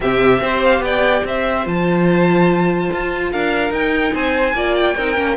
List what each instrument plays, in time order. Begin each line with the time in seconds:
0.00 cello C3, viola C4, violin G4 E5
0.40 cello C4, viola G4, violin C5
0.63 violin F5
0.79 cello B3, violin D5 G5
1.24 cello C4, violin C5 E5
1.65 cello F3, viola F4, violin A5
2.92 cello F4
3.31 cello D4, violin A#4 F5
3.70 viola D#4, cello D#4, violin G5
4.13 cello C4, violin C5 G#5
4.53 cello A#3, viola F4, violin D5
4.75 violin G5
4.96 cello C4, viola D#4, violin A#4
5.16 cello A#3, viola C#4